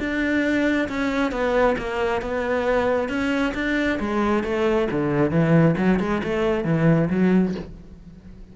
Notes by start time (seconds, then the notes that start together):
0.00 D4
0.89 C#4
1.32 B3
1.78 A#3
2.22 B3
3.09 C#4
3.55 D4
4.00 G#3
4.44 A3
4.92 D3
5.31 E3
5.78 F#3
6.00 G#3
6.24 A3
6.65 E3
7.11 F#3